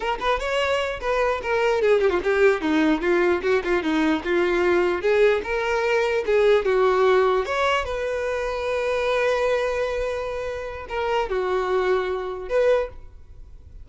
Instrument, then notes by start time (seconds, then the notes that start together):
violin
0.00 A#4
0.20 B4
0.39 C#5
1.00 B4
1.42 A#4
1.81 G#4
2.00 G4
2.09 F4
2.23 G4
2.61 D#4
3.01 F4
3.42 F#4
3.64 F4
3.82 D#4
4.24 F4
5.01 G#4
5.43 A#4
6.25 G#4
6.65 F#4
7.45 C#5
7.84 B4
10.89 A#4
11.29 F#4
12.48 B4